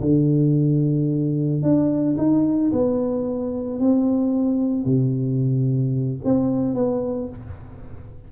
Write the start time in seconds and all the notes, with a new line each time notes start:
0.00 D3
1.62 D4
2.17 D#4
2.71 B3
3.79 C4
4.85 C3
6.24 C4
6.74 B3